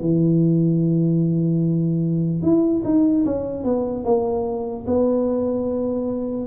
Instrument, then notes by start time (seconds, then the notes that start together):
tuba
0.00 E3
2.42 E4
2.84 D#4
3.25 C#4
3.64 B3
4.04 A#3
4.87 B3